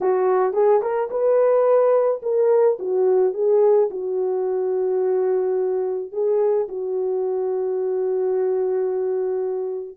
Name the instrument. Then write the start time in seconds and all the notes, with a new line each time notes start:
horn
0.00 F#4
0.53 G#4
0.82 A#4
1.10 B4
2.22 A#4
2.79 F#4
3.33 G#4
3.90 F#4
6.11 G#4
6.68 F#4